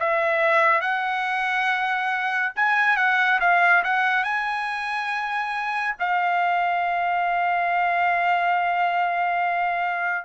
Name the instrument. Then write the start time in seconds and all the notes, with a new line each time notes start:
trumpet
0.00 E5
0.81 F#5
2.56 G#5
2.97 F#5
3.40 F5
3.84 F#5
4.24 G#5
6.00 F5